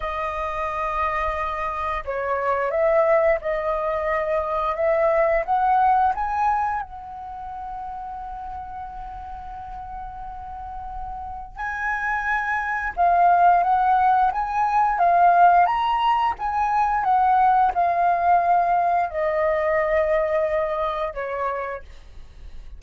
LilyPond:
\new Staff \with { instrumentName = "flute" } { \time 4/4 \tempo 4 = 88 dis''2. cis''4 | e''4 dis''2 e''4 | fis''4 gis''4 fis''2~ | fis''1~ |
fis''4 gis''2 f''4 | fis''4 gis''4 f''4 ais''4 | gis''4 fis''4 f''2 | dis''2. cis''4 | }